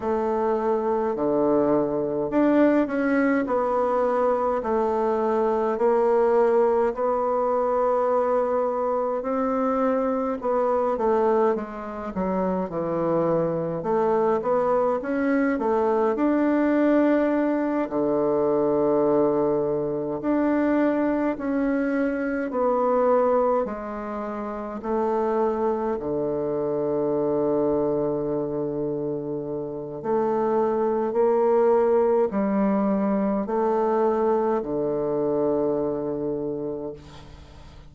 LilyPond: \new Staff \with { instrumentName = "bassoon" } { \time 4/4 \tempo 4 = 52 a4 d4 d'8 cis'8 b4 | a4 ais4 b2 | c'4 b8 a8 gis8 fis8 e4 | a8 b8 cis'8 a8 d'4. d8~ |
d4. d'4 cis'4 b8~ | b8 gis4 a4 d4.~ | d2 a4 ais4 | g4 a4 d2 | }